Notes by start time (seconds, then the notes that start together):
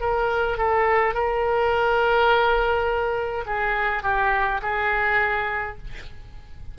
0.00 A#4
0.57 A4
1.14 A#4
3.46 G#4
4.03 G4
4.62 G#4